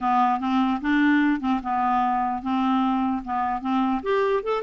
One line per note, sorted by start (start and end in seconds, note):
0.01 0.40 B3
0.40 0.80 C4
0.81 1.40 D4
1.40 1.60 C4
1.62 2.42 B3
2.42 3.23 C4
3.24 3.61 B3
3.61 4.01 C4
4.03 4.43 G4
4.43 4.62 A4